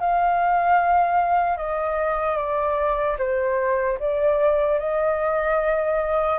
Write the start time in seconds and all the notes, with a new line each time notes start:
0.00 F5
1.57 D#5
2.37 D5
3.19 C5
3.99 D5
4.80 D#5